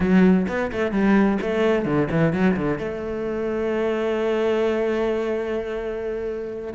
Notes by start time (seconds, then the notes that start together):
0.00 F#3
0.48 B3
0.71 A3
0.91 G3
1.41 A3
1.85 D3
2.10 E3
2.33 F#3
2.56 D3
2.78 A3